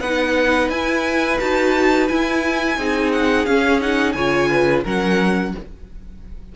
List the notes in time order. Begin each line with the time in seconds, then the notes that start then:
0.00 B3 D#4 B4 F#5
0.69 E4 G#5
1.39 D#4 F#4 A5
2.08 E4 G#5
2.77 C4 D#4 G#4
3.12 F#5
3.46 C#4 F5
3.80 D#4 F#5
4.12 C#3 F4 C#5 G#5
4.50 B4
4.84 F#3 C#4 A#4 F#5